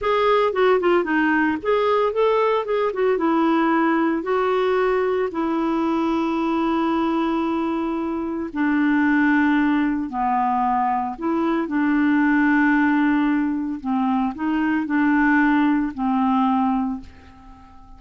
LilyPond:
\new Staff \with { instrumentName = "clarinet" } { \time 4/4 \tempo 4 = 113 gis'4 fis'8 f'8 dis'4 gis'4 | a'4 gis'8 fis'8 e'2 | fis'2 e'2~ | e'1 |
d'2. b4~ | b4 e'4 d'2~ | d'2 c'4 dis'4 | d'2 c'2 | }